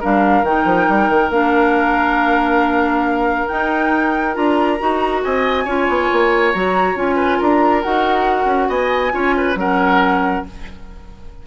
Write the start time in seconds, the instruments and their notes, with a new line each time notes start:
0.00 bassoon G3, clarinet D4, oboe A#4, flute F5
0.43 bassoon D#3, clarinet D#4, flute G5
0.65 bassoon F3
0.89 bassoon G3
1.09 bassoon D#3
1.30 bassoon A#3, clarinet D4, flute F5
3.48 clarinet D#4, bassoon D#4, flute G5
4.34 bassoon D4, clarinet F4, flute A#5
4.80 bassoon D#4, clarinet F#4
5.24 bassoon C4, oboe D#5, flute G#5
5.65 bassoon C#4, clarinet F4, oboe C#5
5.88 bassoon B3
6.12 bassoon A#3
6.53 bassoon F#3, clarinet F#4, flute A#5
6.96 bassoon C#4, clarinet F4, flute G#5
7.16 oboe B4
7.38 bassoon D4, oboe A#4, flute A#5
7.83 bassoon D#4, clarinet F#4, flute F#5
8.45 bassoon C#4
8.69 bassoon B3, oboe D#5, flute G#5
9.12 bassoon C#4, clarinet F4, oboe C#5
9.37 oboe B4
9.56 bassoon F#3, clarinet C#4, oboe A#4, flute F#5